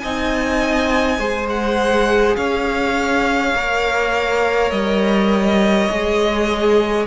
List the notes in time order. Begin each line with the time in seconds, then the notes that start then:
0.00 C4 D#4 D#5 G#5
1.19 G#3 G#4 C5
1.50 F#5
2.36 C#4 C#5 F5
3.55 A#3 A#4
4.71 G3 D#5
5.90 G#3 G#4